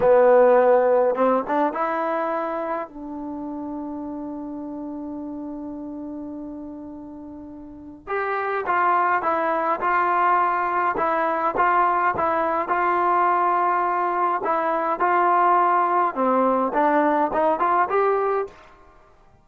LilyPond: \new Staff \with { instrumentName = "trombone" } { \time 4/4 \tempo 4 = 104 b2 c'8 d'8 e'4~ | e'4 d'2.~ | d'1~ | d'2 g'4 f'4 |
e'4 f'2 e'4 | f'4 e'4 f'2~ | f'4 e'4 f'2 | c'4 d'4 dis'8 f'8 g'4 | }